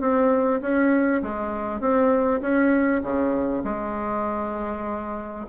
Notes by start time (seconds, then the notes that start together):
0.00 C4
0.61 C#4
1.22 G#3
1.80 C4
2.41 C#4
3.02 C#3
3.64 G#3